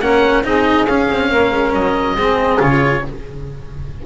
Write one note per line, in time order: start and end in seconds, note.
0.00 0.44 A#3
0.00 0.44 C#4
0.00 0.45 A#4
0.00 0.43 F#5
0.44 0.87 C4
0.44 0.87 D#4
0.44 1.30 G#4
0.44 0.86 D#5
0.86 1.09 C#4
0.86 2.18 C#4
0.86 1.72 F5
1.10 1.31 C4
1.30 1.52 A#3
1.30 2.17 A#4
1.52 1.73 G#3
1.73 2.15 F#3
1.73 2.61 D#5
2.15 2.58 G#3
2.15 2.59 C4
2.15 3.05 G#4
2.59 3.04 C#3
2.59 3.02 F4
2.59 3.06 C#5